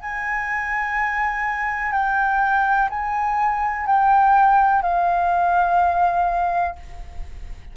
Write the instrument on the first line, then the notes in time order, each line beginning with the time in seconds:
flute
0.00 G#5
1.92 G5
2.89 G#5
3.86 G5
4.82 F5